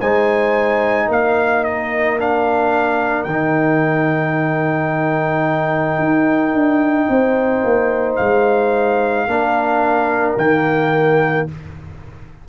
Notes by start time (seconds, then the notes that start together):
0.00 G#3 D#4 C5 G#5
1.07 A#3 A#4 F5
1.64 D#5
2.18 D4 F5
3.23 D#3 D#4 G5
5.98 D#4
6.53 D4
7.08 C4 C5
7.64 A#3
8.16 G#3 F5
9.26 A#3 D4 A#4
10.36 D#3 A#3 G5